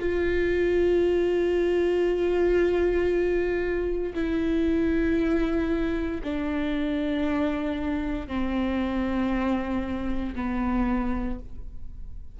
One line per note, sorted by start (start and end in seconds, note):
0.00 4.14 F4
4.14 6.21 E4
6.24 8.28 D4
8.28 10.34 C4
10.35 11.39 B3